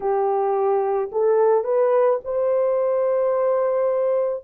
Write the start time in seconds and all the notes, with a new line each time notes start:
0.00 G4
1.12 A4
1.64 B4
2.24 C5